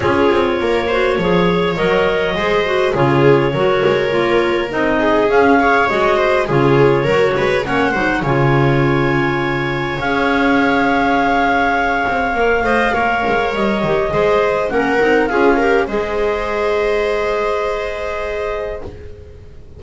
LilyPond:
<<
  \new Staff \with { instrumentName = "clarinet" } { \time 4/4 \tempo 4 = 102 cis''2. dis''4~ | dis''4 cis''2. | dis''4 f''4 dis''4 cis''4~ | cis''4 fis''4 gis''2~ |
gis''4 f''2.~ | f''2. dis''4~ | dis''4 fis''4 f''4 dis''4~ | dis''1 | }
  \new Staff \with { instrumentName = "viola" } { \time 4/4 gis'4 ais'8 c''8 cis''2 | c''4 gis'4 ais'2~ | ais'8 gis'4 cis''4 c''8 gis'4 | ais'8 b'8 cis''8 c''8 cis''2~ |
cis''1~ | cis''4. dis''8 cis''2 | c''4 ais'4 gis'8 ais'8 c''4~ | c''1 | }
  \new Staff \with { instrumentName = "clarinet" } { \time 4/4 f'4. fis'8 gis'4 ais'4 | gis'8 fis'8 f'4 fis'4 f'4 | dis'4 cis'8 gis'8 fis'4 f'4 | fis'4 cis'8 dis'8 f'2~ |
f'4 gis'2.~ | gis'4 ais'8 c''8 ais'4. g'8 | gis'4 cis'8 dis'8 f'8 g'8 gis'4~ | gis'1 | }
  \new Staff \with { instrumentName = "double bass" } { \time 4/4 cis'8 c'8 ais4 f4 fis4 | gis4 cis4 fis8 gis8 ais4 | c'4 cis'4 gis4 cis4 | fis8 gis8 ais8 fis8 cis2~ |
cis4 cis'2.~ | cis'8 c'8 ais8 a8 ais8 gis8 g8 dis8 | gis4 ais8 c'8 cis'4 gis4~ | gis1 | }
>>